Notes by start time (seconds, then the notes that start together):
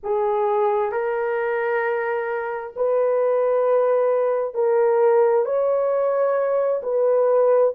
0.02 G#4
0.91 A#4
2.76 B4
4.54 A#4
5.45 C#5
6.83 B4